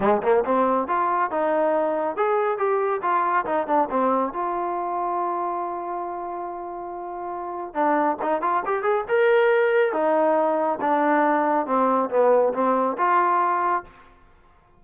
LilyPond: \new Staff \with { instrumentName = "trombone" } { \time 4/4 \tempo 4 = 139 gis8 ais8 c'4 f'4 dis'4~ | dis'4 gis'4 g'4 f'4 | dis'8 d'8 c'4 f'2~ | f'1~ |
f'2 d'4 dis'8 f'8 | g'8 gis'8 ais'2 dis'4~ | dis'4 d'2 c'4 | b4 c'4 f'2 | }